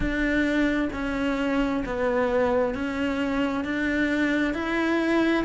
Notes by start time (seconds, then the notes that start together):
0.00 D4
0.93 C#4
1.85 B3
2.74 C#4
3.64 D4
4.54 E4